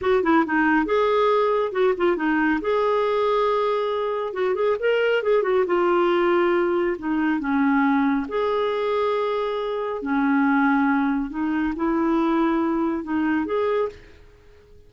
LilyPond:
\new Staff \with { instrumentName = "clarinet" } { \time 4/4 \tempo 4 = 138 fis'8 e'8 dis'4 gis'2 | fis'8 f'8 dis'4 gis'2~ | gis'2 fis'8 gis'8 ais'4 | gis'8 fis'8 f'2. |
dis'4 cis'2 gis'4~ | gis'2. cis'4~ | cis'2 dis'4 e'4~ | e'2 dis'4 gis'4 | }